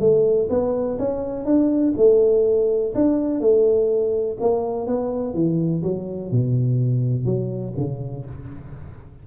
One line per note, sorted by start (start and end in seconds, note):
0.00 0.48 A3
0.49 0.98 B3
0.99 1.45 C#4
1.45 1.94 D4
1.97 2.94 A3
2.95 3.40 D4
3.40 4.37 A3
4.40 4.87 A#3
4.87 5.34 B3
5.34 5.82 E3
5.83 6.31 F#3
6.31 7.25 B2
7.25 7.74 F#3
7.77 8.25 C#3